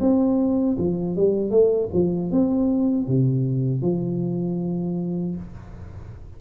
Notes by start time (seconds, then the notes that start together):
0.00 C4
0.78 F3
1.16 G3
1.50 A3
1.93 F3
2.31 C4
3.07 C3
3.81 F3